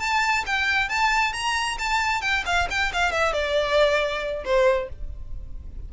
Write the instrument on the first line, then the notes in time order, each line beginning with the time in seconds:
violin
0.00 A5
0.46 G5
0.89 A5
1.34 A#5
1.79 A5
2.22 G5
2.46 F5
2.71 G5
2.93 F5
3.12 E5
3.33 D5
4.45 C5